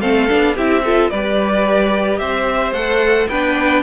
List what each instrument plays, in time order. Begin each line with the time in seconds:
0.00 cello A3, viola C4, violin A4 F5
0.28 cello B3, viola D4
0.55 cello C4, viola E4, violin G4 E5
0.83 viola F4, violin A4
1.10 cello G3, viola G4, violin B4 D5
2.19 cello C4, violin C5 E5
2.72 cello A3, viola A4, violin F#5
3.28 cello B3, viola D4, violin B4 G5